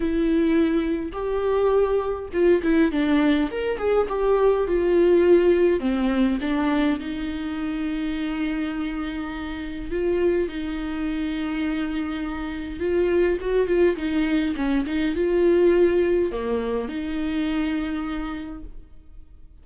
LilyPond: \new Staff \with { instrumentName = "viola" } { \time 4/4 \tempo 4 = 103 e'2 g'2 | f'8 e'8 d'4 ais'8 gis'8 g'4 | f'2 c'4 d'4 | dis'1~ |
dis'4 f'4 dis'2~ | dis'2 f'4 fis'8 f'8 | dis'4 cis'8 dis'8 f'2 | ais4 dis'2. | }